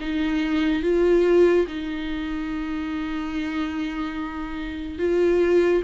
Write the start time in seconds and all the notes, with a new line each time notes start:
0.00 D#4
0.83 F4
1.67 D#4
4.98 F4